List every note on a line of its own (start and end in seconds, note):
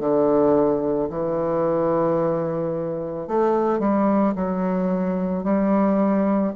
0.00 1.09 D3
1.10 3.28 E3
3.28 3.79 A3
3.79 4.34 G3
4.35 5.43 F#3
5.43 6.53 G3